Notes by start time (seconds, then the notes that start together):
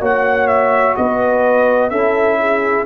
0.00 A#3 F#4 C#5 F#5
0.47 E5
0.96 B3 B4 D#5
1.90 C#4 E4 A4 E5
2.39 G#4